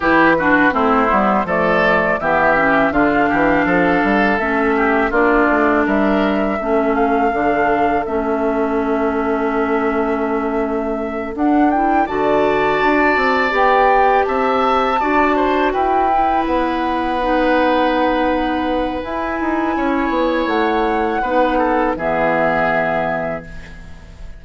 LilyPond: <<
  \new Staff \with { instrumentName = "flute" } { \time 4/4 \tempo 4 = 82 b'4 c''4 d''4 e''4 | f''2 e''4 d''4 | e''4. f''4. e''4~ | e''2.~ e''8 fis''8 |
g''8 a''2 g''4 a''8~ | a''4. g''4 fis''4.~ | fis''2 gis''2 | fis''2 e''2 | }
  \new Staff \with { instrumentName = "oboe" } { \time 4/4 g'8 fis'8 e'4 a'4 g'4 | f'8 g'8 a'4. g'8 f'4 | ais'4 a'2.~ | a'1~ |
a'8 d''2. e''8~ | e''8 d''8 c''8 b'2~ b'8~ | b'2. cis''4~ | cis''4 b'8 a'8 gis'2 | }
  \new Staff \with { instrumentName = "clarinet" } { \time 4/4 e'8 d'8 c'8 b8 a4 b8 cis'8 | d'2 cis'4 d'4~ | d'4 cis'4 d'4 cis'4~ | cis'2.~ cis'8 d'8 |
e'8 fis'2 g'4.~ | g'8 fis'4. e'4. dis'8~ | dis'2 e'2~ | e'4 dis'4 b2 | }
  \new Staff \with { instrumentName = "bassoon" } { \time 4/4 e4 a8 g8 f4 e4 | d8 e8 f8 g8 a4 ais8 a8 | g4 a4 d4 a4~ | a2.~ a8 d'8~ |
d'8 d4 d'8 c'8 b4 c'8~ | c'8 d'4 e'4 b4.~ | b2 e'8 dis'8 cis'8 b8 | a4 b4 e2 | }
>>